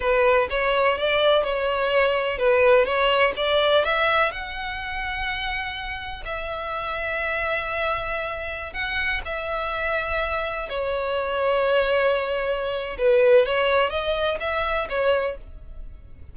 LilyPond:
\new Staff \with { instrumentName = "violin" } { \time 4/4 \tempo 4 = 125 b'4 cis''4 d''4 cis''4~ | cis''4 b'4 cis''4 d''4 | e''4 fis''2.~ | fis''4 e''2.~ |
e''2~ e''16 fis''4 e''8.~ | e''2~ e''16 cis''4.~ cis''16~ | cis''2. b'4 | cis''4 dis''4 e''4 cis''4 | }